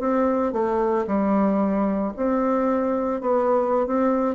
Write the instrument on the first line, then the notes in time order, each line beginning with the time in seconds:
bassoon
0.00 C4
0.53 A3
1.07 G3
2.16 C4
3.21 B3
3.87 C4